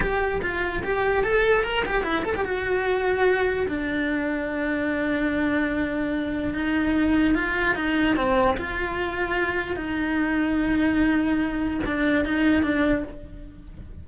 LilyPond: \new Staff \with { instrumentName = "cello" } { \time 4/4 \tempo 4 = 147 g'4 f'4 g'4 a'4 | ais'8 g'8 e'8 a'16 g'16 fis'2~ | fis'4 d'2.~ | d'1 |
dis'2 f'4 dis'4 | c'4 f'2. | dis'1~ | dis'4 d'4 dis'4 d'4 | }